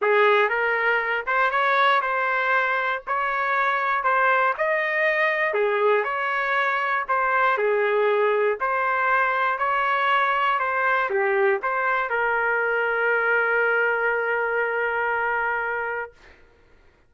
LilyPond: \new Staff \with { instrumentName = "trumpet" } { \time 4/4 \tempo 4 = 119 gis'4 ais'4. c''8 cis''4 | c''2 cis''2 | c''4 dis''2 gis'4 | cis''2 c''4 gis'4~ |
gis'4 c''2 cis''4~ | cis''4 c''4 g'4 c''4 | ais'1~ | ais'1 | }